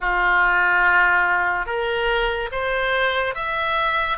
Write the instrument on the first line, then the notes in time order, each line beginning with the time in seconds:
oboe
0.00 F4
1.66 A#4
2.52 C5
3.34 E5